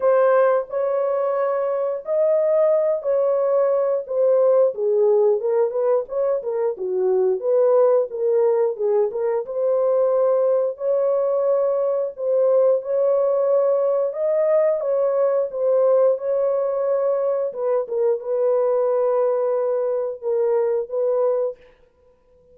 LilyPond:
\new Staff \with { instrumentName = "horn" } { \time 4/4 \tempo 4 = 89 c''4 cis''2 dis''4~ | dis''8 cis''4. c''4 gis'4 | ais'8 b'8 cis''8 ais'8 fis'4 b'4 | ais'4 gis'8 ais'8 c''2 |
cis''2 c''4 cis''4~ | cis''4 dis''4 cis''4 c''4 | cis''2 b'8 ais'8 b'4~ | b'2 ais'4 b'4 | }